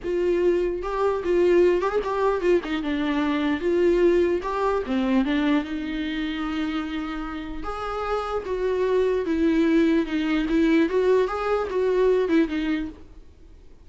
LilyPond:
\new Staff \with { instrumentName = "viola" } { \time 4/4 \tempo 4 = 149 f'2 g'4 f'4~ | f'8 g'16 gis'16 g'4 f'8 dis'8 d'4~ | d'4 f'2 g'4 | c'4 d'4 dis'2~ |
dis'2. gis'4~ | gis'4 fis'2 e'4~ | e'4 dis'4 e'4 fis'4 | gis'4 fis'4. e'8 dis'4 | }